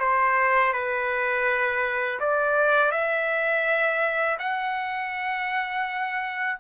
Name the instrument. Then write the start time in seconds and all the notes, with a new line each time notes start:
trumpet
0.00 C5
0.74 B4
2.20 D5
2.92 E5
4.39 F#5